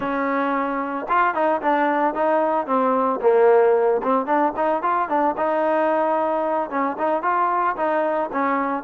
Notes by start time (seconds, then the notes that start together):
0.00 C#4
1.09 F4
1.34 D#4
1.61 D4
2.14 D#4
2.66 C4
3.21 A#3
4.03 C4
4.26 D4
4.56 D#4
4.82 F4
5.08 D4
5.37 D#4
6.70 C#4
6.98 D#4
7.22 F4
7.76 D#4
8.32 C#4